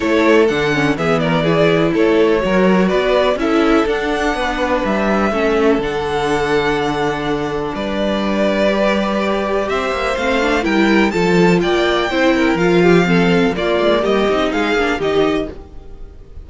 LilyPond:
<<
  \new Staff \with { instrumentName = "violin" } { \time 4/4 \tempo 4 = 124 cis''4 fis''4 e''8 d''4. | cis''2 d''4 e''4 | fis''2 e''2 | fis''1 |
d''1 | e''4 f''4 g''4 a''4 | g''2 f''2 | d''4 dis''4 f''4 dis''4 | }
  \new Staff \with { instrumentName = "violin" } { \time 4/4 a'2 gis'8 ais'8 gis'4 | a'4 ais'4 b'4 a'4~ | a'4 b'2 a'4~ | a'1 |
b'1 | c''2 ais'4 a'4 | d''4 c''8 ais'4 g'8 a'4 | f'4 g'4 gis'4 g'4 | }
  \new Staff \with { instrumentName = "viola" } { \time 4/4 e'4 d'8 cis'8 b4 e'4~ | e'4 fis'2 e'4 | d'2. cis'4 | d'1~ |
d'2 g'2~ | g'4 c'8 d'8 e'4 f'4~ | f'4 e'4 f'4 c'4 | ais4. dis'4 d'8 dis'4 | }
  \new Staff \with { instrumentName = "cello" } { \time 4/4 a4 d4 e2 | a4 fis4 b4 cis'4 | d'4 b4 g4 a4 | d1 |
g1 | c'8 ais8 a4 g4 f4 | ais4 c'4 f2 | ais8 gis8 g8 c'8 gis8 ais8 dis4 | }
>>